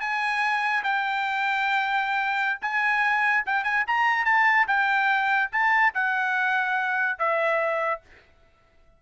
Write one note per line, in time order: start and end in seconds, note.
0.00 0.83 G#5
0.84 2.59 G5
2.61 3.44 G#5
3.46 3.64 G5
3.64 3.84 G#5
3.87 4.25 A#5
4.25 4.66 A5
4.67 5.50 G5
5.52 5.93 A5
5.94 7.18 F#5
7.18 8.01 E5